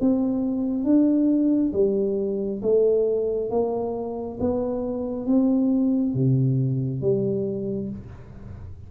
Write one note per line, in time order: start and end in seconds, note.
0.00 0.84 C4
0.84 1.72 D4
1.72 2.61 G3
2.61 3.50 A3
3.50 4.38 A#3
4.40 5.26 B3
5.26 6.14 C4
6.14 7.01 C3
7.01 7.89 G3